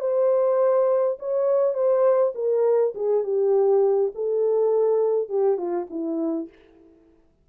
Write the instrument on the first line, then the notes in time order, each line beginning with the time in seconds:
horn
0.00 C5
1.19 C#5
1.74 C5
2.35 A#4
2.95 G#4
3.24 G4
4.15 A4
5.29 G4
5.57 F4
5.90 E4